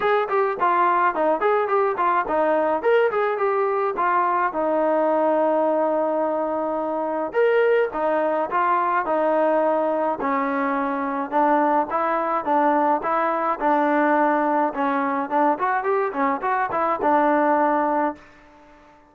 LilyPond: \new Staff \with { instrumentName = "trombone" } { \time 4/4 \tempo 4 = 106 gis'8 g'8 f'4 dis'8 gis'8 g'8 f'8 | dis'4 ais'8 gis'8 g'4 f'4 | dis'1~ | dis'4 ais'4 dis'4 f'4 |
dis'2 cis'2 | d'4 e'4 d'4 e'4 | d'2 cis'4 d'8 fis'8 | g'8 cis'8 fis'8 e'8 d'2 | }